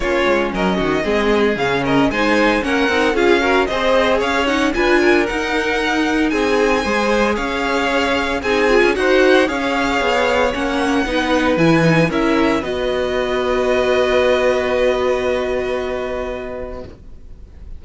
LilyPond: <<
  \new Staff \with { instrumentName = "violin" } { \time 4/4 \tempo 4 = 114 cis''4 dis''2 f''8 dis''8 | gis''4 fis''4 f''4 dis''4 | f''8 fis''8 gis''4 fis''2 | gis''2 f''2 |
gis''4 fis''4 f''2 | fis''2 gis''4 e''4 | dis''1~ | dis''1 | }
  \new Staff \with { instrumentName = "violin" } { \time 4/4 f'4 ais'8 fis'8 gis'4. ais'8 | c''4 ais'4 gis'8 ais'8 c''4 | cis''4 b'8 ais'2~ ais'8 | gis'4 c''4 cis''2 |
gis'4 c''4 cis''2~ | cis''4 b'2 ais'4 | b'1~ | b'1 | }
  \new Staff \with { instrumentName = "viola" } { \time 4/4 cis'2 c'4 cis'4 | dis'4 cis'8 dis'8 f'8 fis'8 gis'4~ | gis'8 dis'8 f'4 dis'2~ | dis'4 gis'2. |
dis'8 f'8 fis'4 gis'2 | cis'4 dis'4 e'8 dis'8 e'4 | fis'1~ | fis'1 | }
  \new Staff \with { instrumentName = "cello" } { \time 4/4 ais8 gis8 fis8 dis8 gis4 cis4 | gis4 ais8 c'8 cis'4 c'4 | cis'4 d'4 dis'2 | c'4 gis4 cis'2 |
c'8. cis'16 dis'4 cis'4 b4 | ais4 b4 e4 cis'4 | b1~ | b1 | }
>>